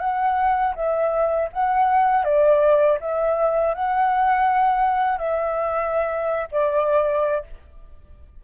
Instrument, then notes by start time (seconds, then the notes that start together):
flute
0.00 F#5
0.75 E5
1.53 F#5
2.24 D5
3.00 E5
3.74 F#5
5.18 E5
6.52 D5